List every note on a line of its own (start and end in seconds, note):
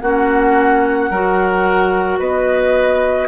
0.00 1.10 A#3
0.00 1.12 C#4
0.00 1.10 F#4
0.00 2.18 F#5
1.10 2.19 F#3
1.10 3.27 F#4
1.10 2.19 A#4
2.19 3.27 B3
2.19 3.27 B4
2.19 3.27 D#5